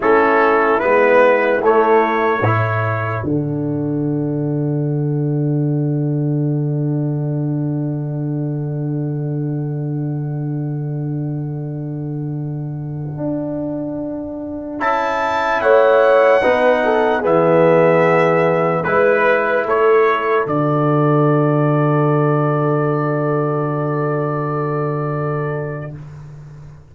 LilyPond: <<
  \new Staff \with { instrumentName = "trumpet" } { \time 4/4 \tempo 4 = 74 a'4 b'4 cis''2 | fis''1~ | fis''1~ | fis''1~ |
fis''2~ fis''16 a''4 fis''8.~ | fis''4~ fis''16 e''2 b'8.~ | b'16 cis''4 d''2~ d''8.~ | d''1 | }
  \new Staff \with { instrumentName = "horn" } { \time 4/4 e'2. a'4~ | a'1~ | a'1~ | a'1~ |
a'2.~ a'16 cis''8.~ | cis''16 b'8 a'8 gis'2 b'8.~ | b'16 a'2.~ a'8.~ | a'1 | }
  \new Staff \with { instrumentName = "trombone" } { \time 4/4 cis'4 b4 a4 e'4 | d'1~ | d'1~ | d'1~ |
d'2~ d'16 e'4.~ e'16~ | e'16 dis'4 b2 e'8.~ | e'4~ e'16 fis'2~ fis'8.~ | fis'1 | }
  \new Staff \with { instrumentName = "tuba" } { \time 4/4 a4 gis4 a4 a,4 | d1~ | d1~ | d1~ |
d16 d'2 cis'4 a8.~ | a16 b4 e2 gis8.~ | gis16 a4 d2~ d8.~ | d1 | }
>>